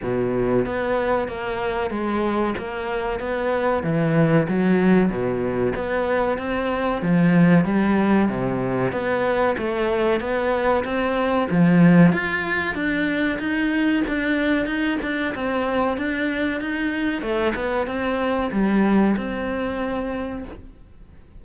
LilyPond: \new Staff \with { instrumentName = "cello" } { \time 4/4 \tempo 4 = 94 b,4 b4 ais4 gis4 | ais4 b4 e4 fis4 | b,4 b4 c'4 f4 | g4 c4 b4 a4 |
b4 c'4 f4 f'4 | d'4 dis'4 d'4 dis'8 d'8 | c'4 d'4 dis'4 a8 b8 | c'4 g4 c'2 | }